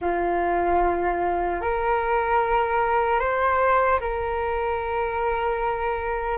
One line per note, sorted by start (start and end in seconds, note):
0.01 1.61 F4
1.61 3.19 A#4
3.19 3.99 C5
4.00 6.37 A#4